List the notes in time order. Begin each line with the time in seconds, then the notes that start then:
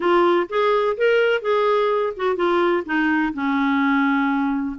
0.00 F4
0.49 G#4
0.97 A#4
1.41 G#4
2.16 F#4
2.36 F4
2.85 D#4
3.33 C#4